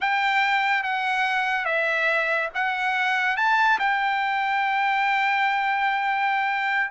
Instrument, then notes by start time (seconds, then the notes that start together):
trumpet
0.01 G5
0.83 F#5
1.65 E5
2.54 F#5
3.36 A5
3.79 G5